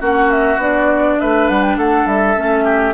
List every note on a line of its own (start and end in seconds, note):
0.00 0.57 A#3
0.00 0.59 C#4
0.00 1.19 F#4
0.00 0.31 F#5
0.31 0.60 E5
0.57 1.16 B3
0.57 2.37 D4
0.57 1.20 D5
1.20 1.50 A3
1.20 1.78 B4
1.20 1.49 E5
1.49 1.78 G3
1.49 1.63 F#5
1.63 1.77 G5
1.78 2.06 A3
1.78 2.65 A4
1.78 2.07 F#5
2.06 2.36 G3
2.06 2.94 E5
2.37 2.94 A3
2.37 2.94 C#4
2.65 2.94 G4